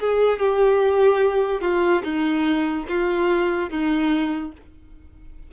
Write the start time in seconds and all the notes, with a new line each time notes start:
0.00 G#4
0.39 G4
1.61 F4
2.04 D#4
2.88 F4
3.70 D#4